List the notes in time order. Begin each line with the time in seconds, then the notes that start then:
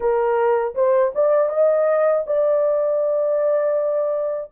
0.00 A#4
0.75 C5
1.15 D5
1.49 D#5
2.26 D5